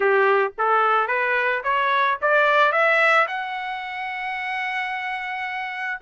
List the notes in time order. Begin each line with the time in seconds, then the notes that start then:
0.00 G4
0.58 A4
1.07 B4
1.63 C#5
2.21 D5
2.71 E5
3.27 F#5